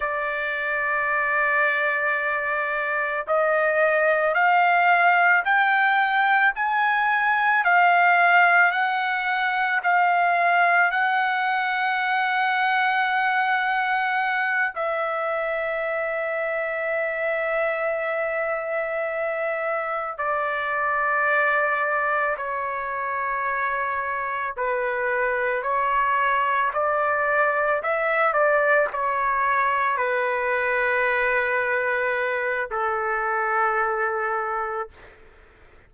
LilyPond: \new Staff \with { instrumentName = "trumpet" } { \time 4/4 \tempo 4 = 55 d''2. dis''4 | f''4 g''4 gis''4 f''4 | fis''4 f''4 fis''2~ | fis''4. e''2~ e''8~ |
e''2~ e''8 d''4.~ | d''8 cis''2 b'4 cis''8~ | cis''8 d''4 e''8 d''8 cis''4 b'8~ | b'2 a'2 | }